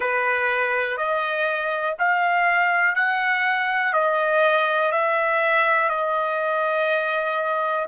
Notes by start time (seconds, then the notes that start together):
0.00 B4
0.97 D#5
1.99 F5
2.95 F#5
3.93 D#5
4.91 E5
5.89 D#5